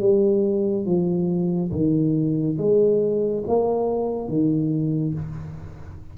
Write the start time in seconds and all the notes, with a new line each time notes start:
0.00 G3
0.86 F3
1.72 D#3
2.58 G#3
3.47 A#3
4.29 D#3